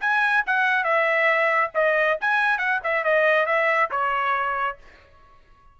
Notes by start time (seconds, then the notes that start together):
0.00 G#5
0.46 F#5
0.83 E5
1.74 D#5
2.21 G#5
2.58 F#5
2.83 E5
3.03 D#5
3.46 E5
3.90 C#5